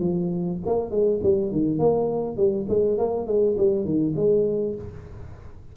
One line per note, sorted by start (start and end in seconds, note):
0.00 0.59 F3
0.66 0.91 A#3
0.91 1.20 G#3
1.23 1.52 G3
1.52 1.79 D#3
1.79 2.37 A#3
2.37 2.66 G3
2.69 2.98 G#3
2.98 3.27 A#3
3.27 3.56 G#3
3.57 3.85 G3
3.85 4.14 D#3
4.16 4.75 G#3